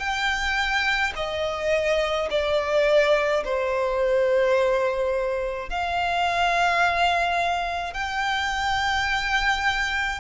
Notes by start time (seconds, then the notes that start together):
0.00 G5
1.16 D#5
2.31 D5
3.45 C5
5.70 F5
7.94 G5